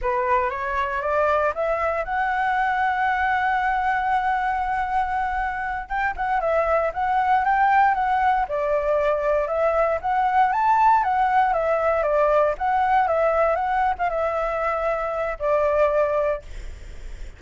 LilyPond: \new Staff \with { instrumentName = "flute" } { \time 4/4 \tempo 4 = 117 b'4 cis''4 d''4 e''4 | fis''1~ | fis''2.~ fis''8 g''8 | fis''8 e''4 fis''4 g''4 fis''8~ |
fis''8 d''2 e''4 fis''8~ | fis''8 a''4 fis''4 e''4 d''8~ | d''8 fis''4 e''4 fis''8. f''16 e''8~ | e''2 d''2 | }